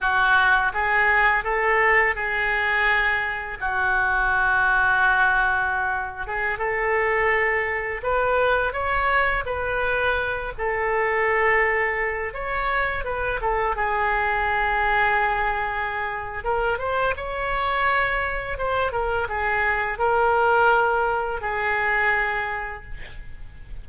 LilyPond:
\new Staff \with { instrumentName = "oboe" } { \time 4/4 \tempo 4 = 84 fis'4 gis'4 a'4 gis'4~ | gis'4 fis'2.~ | fis'8. gis'8 a'2 b'8.~ | b'16 cis''4 b'4. a'4~ a'16~ |
a'4~ a'16 cis''4 b'8 a'8 gis'8.~ | gis'2. ais'8 c''8 | cis''2 c''8 ais'8 gis'4 | ais'2 gis'2 | }